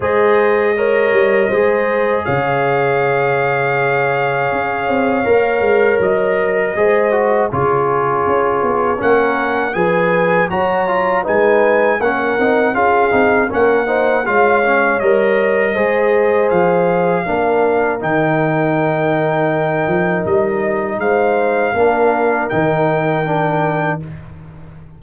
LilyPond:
<<
  \new Staff \with { instrumentName = "trumpet" } { \time 4/4 \tempo 4 = 80 dis''2. f''4~ | f''1 | dis''2 cis''2 | fis''4 gis''4 ais''4 gis''4 |
fis''4 f''4 fis''4 f''4 | dis''2 f''2 | g''2. dis''4 | f''2 g''2 | }
  \new Staff \with { instrumentName = "horn" } { \time 4/4 c''4 cis''4 c''4 cis''4~ | cis''1~ | cis''4 c''4 gis'2 | ais'4 b'4 cis''4 b'4 |
ais'4 gis'4 ais'8 c''8 cis''4~ | cis''4 c''2 ais'4~ | ais'1 | c''4 ais'2. | }
  \new Staff \with { instrumentName = "trombone" } { \time 4/4 gis'4 ais'4 gis'2~ | gis'2. ais'4~ | ais'4 gis'8 fis'8 f'2 | cis'4 gis'4 fis'8 f'8 dis'4 |
cis'8 dis'8 f'8 dis'8 cis'8 dis'8 f'8 cis'8 | ais'4 gis'2 d'4 | dis'1~ | dis'4 d'4 dis'4 d'4 | }
  \new Staff \with { instrumentName = "tuba" } { \time 4/4 gis4. g8 gis4 cis4~ | cis2 cis'8 c'8 ais8 gis8 | fis4 gis4 cis4 cis'8 b8 | ais4 f4 fis4 gis4 |
ais8 c'8 cis'8 c'8 ais4 gis4 | g4 gis4 f4 ais4 | dis2~ dis8 f8 g4 | gis4 ais4 dis2 | }
>>